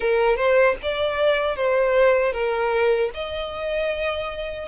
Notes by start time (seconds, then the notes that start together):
0.00 A#4
0.36 C5
0.82 D5
1.56 C5
2.32 A#4
3.13 D#5